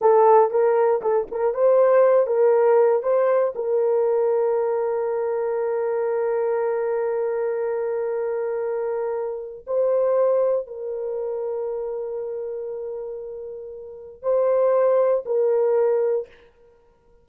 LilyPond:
\new Staff \with { instrumentName = "horn" } { \time 4/4 \tempo 4 = 118 a'4 ais'4 a'8 ais'8 c''4~ | c''8 ais'4. c''4 ais'4~ | ais'1~ | ais'1~ |
ais'2. c''4~ | c''4 ais'2.~ | ais'1 | c''2 ais'2 | }